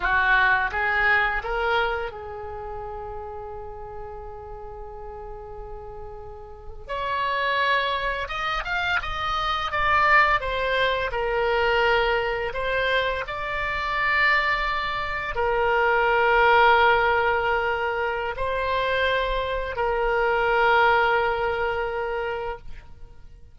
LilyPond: \new Staff \with { instrumentName = "oboe" } { \time 4/4 \tempo 4 = 85 fis'4 gis'4 ais'4 gis'4~ | gis'1~ | gis'4.~ gis'16 cis''2 dis''16~ | dis''16 f''8 dis''4 d''4 c''4 ais'16~ |
ais'4.~ ais'16 c''4 d''4~ d''16~ | d''4.~ d''16 ais'2~ ais'16~ | ais'2 c''2 | ais'1 | }